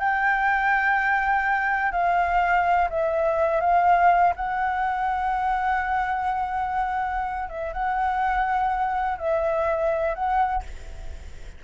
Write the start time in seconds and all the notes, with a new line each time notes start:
0.00 G5
1.92 F5
2.90 E5
3.61 F5
4.36 F#5
7.50 E5
7.74 F#5
9.19 E5
10.15 F#5